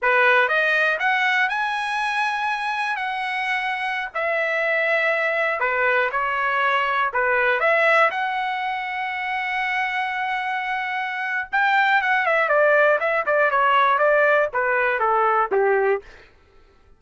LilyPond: \new Staff \with { instrumentName = "trumpet" } { \time 4/4 \tempo 4 = 120 b'4 dis''4 fis''4 gis''4~ | gis''2 fis''2~ | fis''16 e''2. b'8.~ | b'16 cis''2 b'4 e''8.~ |
e''16 fis''2.~ fis''8.~ | fis''2. g''4 | fis''8 e''8 d''4 e''8 d''8 cis''4 | d''4 b'4 a'4 g'4 | }